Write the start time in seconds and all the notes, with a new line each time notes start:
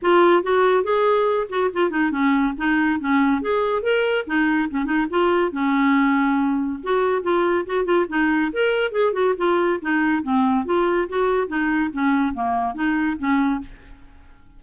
0.01 F4
0.43 F#4
0.83 G#4
1.49 F#4
1.73 F4
1.90 D#4
2.11 C#4
2.57 D#4
3.00 C#4
3.41 G#4
3.82 A#4
4.26 D#4
4.70 C#4
4.85 D#4
5.10 F4
5.52 C#4
6.83 F#4
7.22 F4
7.65 F#4
7.84 F4
8.09 D#4
8.53 A#4
8.91 G#4
9.13 F#4
9.37 F4
9.81 D#4
10.22 C4
10.65 F4
11.08 F#4
11.47 D#4
11.93 C#4
12.33 A#3
12.74 D#4
13.18 C#4